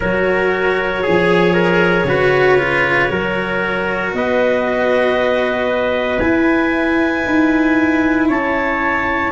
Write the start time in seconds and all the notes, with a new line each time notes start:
0.00 F#3 F#4 A#4 C#5
1.03 F3 G#4
1.53 A#4
2.04 C#3 F#4 B4
2.58 F4
3.08 F#3 F#4 A#4
4.13 B3 B4 D#5
6.19 E4 G#5
7.26 D#4
8.28 C#4 C#5 A5